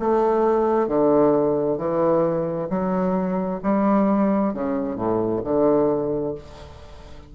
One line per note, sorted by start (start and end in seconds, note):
0.00 0.88 A3
0.88 1.78 D3
1.78 2.69 E3
2.70 3.61 F#3
3.63 4.54 G3
4.54 4.96 C#3
4.96 5.41 A2
5.44 6.35 D3